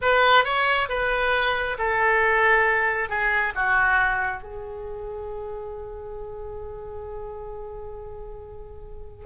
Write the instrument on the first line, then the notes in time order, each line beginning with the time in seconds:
oboe
0.01 B4
0.44 C#5
0.88 B4
1.78 A4
3.09 G#4
3.55 F#4
4.43 G#4